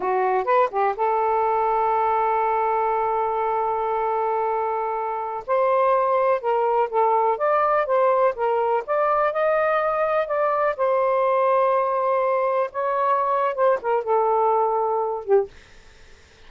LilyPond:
\new Staff \with { instrumentName = "saxophone" } { \time 4/4 \tempo 4 = 124 fis'4 b'8 g'8 a'2~ | a'1~ | a'2.~ a'16 c''8.~ | c''4~ c''16 ais'4 a'4 d''8.~ |
d''16 c''4 ais'4 d''4 dis''8.~ | dis''4~ dis''16 d''4 c''4.~ c''16~ | c''2~ c''16 cis''4.~ cis''16 | c''8 ais'8 a'2~ a'8 g'8 | }